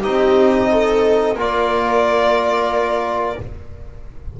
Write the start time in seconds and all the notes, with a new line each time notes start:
0.00 C4 D#4 G4 D#5
0.71 A4
1.35 A#3 F4 A#4 D5